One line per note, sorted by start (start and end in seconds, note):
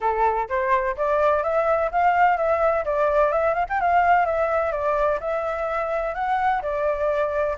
0.01 0.48 A4
0.48 0.96 C5
0.96 1.43 D5
1.43 1.90 E5
1.91 2.37 F5
2.37 2.84 E5
2.84 3.32 D5
3.32 3.53 E5
3.53 3.65 F5
3.69 3.80 G5
3.80 4.25 F5
4.25 4.72 E5
4.72 5.19 D5
5.20 6.14 E5
6.14 6.61 F#5
6.62 7.56 D5